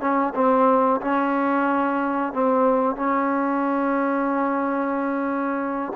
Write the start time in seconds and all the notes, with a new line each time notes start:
0.00 C#4
0.35 C4
1.01 C#4
2.33 C4
2.96 C#4